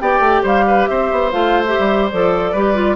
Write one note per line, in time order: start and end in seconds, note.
0.00 0.19 B3
0.00 1.32 G4
0.00 0.42 D5
0.00 0.44 G5
0.19 0.41 A3
0.42 0.87 G3
0.42 0.64 C5
0.42 0.87 F5
0.67 0.89 B4
0.87 1.11 C4
0.87 2.52 C5
0.87 1.31 E5
1.12 1.33 B3
1.31 1.77 A3
1.31 1.65 F4
1.31 1.64 F5
1.65 2.11 G4
1.65 2.09 E5
1.78 2.11 G3
2.10 2.53 F3
2.10 2.56 A4
2.10 2.96 D5
2.52 2.96 G3
2.52 2.74 G4
2.52 2.96 B4
2.74 2.96 F4